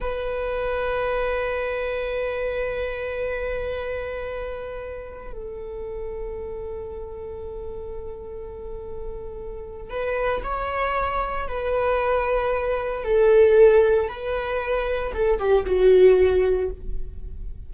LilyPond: \new Staff \with { instrumentName = "viola" } { \time 4/4 \tempo 4 = 115 b'1~ | b'1~ | b'2~ b'16 a'4.~ a'16~ | a'1~ |
a'2. b'4 | cis''2 b'2~ | b'4 a'2 b'4~ | b'4 a'8 g'8 fis'2 | }